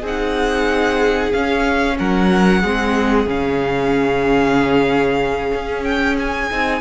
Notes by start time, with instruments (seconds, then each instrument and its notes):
0.00 cello C4, viola D#4, violin G#4
0.07 violin F#5
1.33 cello C#4, viola C#4, violin F5
1.99 cello F#3, violin A#4 F#5
2.61 cello G#3, viola C4, violin G#4
3.26 cello C#3, viola C#4, violin F5
5.54 cello C#4
5.84 violin G5
6.19 violin G#5
6.51 cello C4, viola D#4